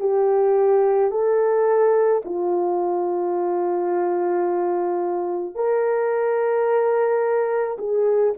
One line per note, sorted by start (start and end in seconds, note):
0.00 1.11 G4
1.11 2.22 A4
2.25 5.55 F4
5.55 7.77 A#4
7.78 8.34 G#4